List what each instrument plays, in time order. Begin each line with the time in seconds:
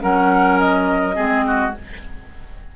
0.00 bassoon F#3, clarinet C#4, oboe A#4, flute F#5
0.59 flute D#5
1.14 bassoon G#3, clarinet C4, oboe G#4
1.47 oboe F#4